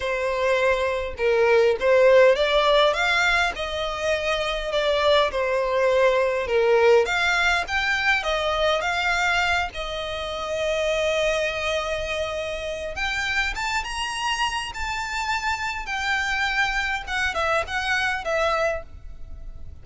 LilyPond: \new Staff \with { instrumentName = "violin" } { \time 4/4 \tempo 4 = 102 c''2 ais'4 c''4 | d''4 f''4 dis''2 | d''4 c''2 ais'4 | f''4 g''4 dis''4 f''4~ |
f''8 dis''2.~ dis''8~ | dis''2 g''4 a''8 ais''8~ | ais''4 a''2 g''4~ | g''4 fis''8 e''8 fis''4 e''4 | }